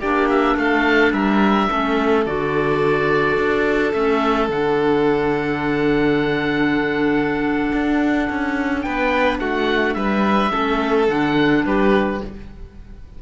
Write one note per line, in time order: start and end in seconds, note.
0.00 0.56 A#3
0.00 1.70 D4
0.00 0.56 G4
0.00 0.29 D5
0.30 0.58 E5
0.56 1.12 A3
0.56 1.14 A4
0.56 1.13 F5
1.13 1.69 G3
1.13 1.70 A#4
1.13 2.25 E5
1.70 2.26 A3
1.70 2.26 C#4
1.70 8.85 A4
2.26 3.37 D3
2.26 3.93 F#4
2.26 3.93 D5
3.37 3.93 D4
3.93 4.49 A3
3.93 4.49 C#4
3.93 4.49 E5
4.49 7.72 D3
4.49 10.51 D4
4.49 8.82 F#5
7.73 8.29 D4
8.30 8.86 C#4
8.82 9.40 B3
8.82 9.40 B4
8.82 9.38 G5
9.40 9.96 A3
9.40 9.96 F#4
9.40 9.94 F#5
9.94 10.52 G3
9.94 10.52 B4
9.94 11.06 E5
10.51 11.09 A3
10.51 11.07 C#4
10.51 11.64 A4
11.09 11.65 D3
11.09 12.21 D4
11.09 11.66 F#5
11.65 12.21 G3
11.65 12.22 G4
11.65 12.23 B4